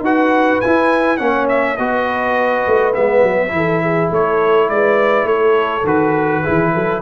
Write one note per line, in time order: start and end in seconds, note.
0.00 0.58 D#4
0.00 0.63 F#4
0.00 1.19 B4
0.00 0.61 F#5
0.61 1.18 E4
0.61 1.20 E4
0.61 1.17 G#5
1.17 1.78 A#3
1.17 1.77 C#4
1.17 1.77 C#5
1.17 1.46 F#5
1.49 1.77 E5
1.77 2.66 B3
1.77 2.94 F#4
1.77 3.54 B4
1.77 2.94 D#5
2.67 2.96 A3
2.94 3.23 G#3
2.94 3.49 B3
2.94 4.11 E5
3.23 3.52 F#3
3.49 4.10 E3
3.49 5.82 E4
3.56 3.83 A4
3.83 4.10 G#4
4.10 4.70 A3
4.10 4.68 A4
4.10 4.69 C#5
4.69 5.25 G#3
4.69 5.27 B4
4.69 5.27 D5
5.25 5.83 A3
5.25 6.42 A4
5.25 5.86 C#5
5.84 6.42 D#3
5.84 6.44 F#4
5.84 7.02 B4
6.42 6.75 E3
6.42 7.02 E4
6.42 6.71 G#4
6.73 7.02 F#3
6.73 7.02 A4